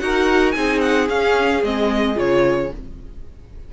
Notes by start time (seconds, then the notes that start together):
0.00 D#4 F#4 A#4 F#5
0.52 C4 D#4 G#4 G#5
0.82 F#5
1.09 C#4 F5
1.63 G#3 C4 D#5
2.15 C#3 F4 C#5